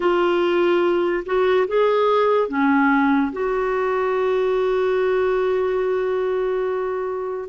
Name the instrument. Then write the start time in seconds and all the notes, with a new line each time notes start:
clarinet
0.00 F4
1.25 F#4
1.67 G#4
2.48 C#4
3.32 F#4